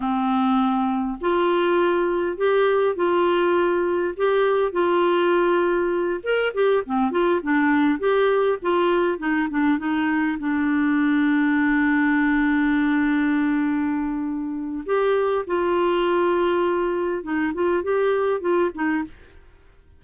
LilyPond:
\new Staff \with { instrumentName = "clarinet" } { \time 4/4 \tempo 4 = 101 c'2 f'2 | g'4 f'2 g'4 | f'2~ f'8 ais'8 g'8 c'8 | f'8 d'4 g'4 f'4 dis'8 |
d'8 dis'4 d'2~ d'8~ | d'1~ | d'4 g'4 f'2~ | f'4 dis'8 f'8 g'4 f'8 dis'8 | }